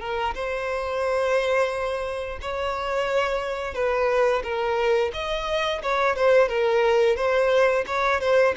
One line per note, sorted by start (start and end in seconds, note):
0.00 0.34 A#4
0.34 2.39 C5
2.41 3.74 C#5
3.74 4.42 B4
4.43 5.11 A#4
5.13 5.81 D#5
5.83 6.16 C#5
6.16 6.48 C5
6.48 7.16 A#4
7.16 7.84 C5
7.87 8.20 C#5
8.20 8.54 C5